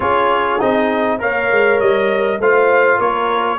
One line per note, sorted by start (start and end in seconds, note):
0.00 0.59 C#4
0.00 0.59 F4
0.00 1.19 G#4
0.00 0.60 C#5
0.59 1.21 C4
0.59 1.19 D#4
0.59 1.20 D#5
1.19 1.51 A#3
1.19 2.39 A#4
1.19 2.40 C#5
1.19 1.80 F5
1.51 1.80 G#3
1.80 2.39 G3
1.80 2.40 D#5
2.39 2.99 A3
2.39 3.58 F4
2.39 2.98 C5
2.39 3.00 F5
2.98 3.58 A#3
2.98 3.58 A#4
2.98 3.58 C#5